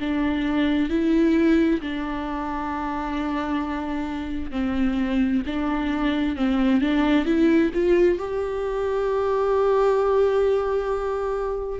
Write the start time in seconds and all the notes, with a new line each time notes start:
0.00 D4
0.90 E4
1.81 D4
4.52 C4
5.47 D4
6.37 C4
6.81 D4
7.26 E4
7.74 F4
8.19 G4